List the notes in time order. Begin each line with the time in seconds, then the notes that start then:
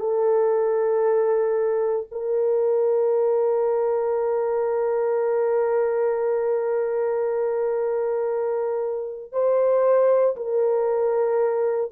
0.00 A4
2.12 A#4
9.32 C5
10.37 A#4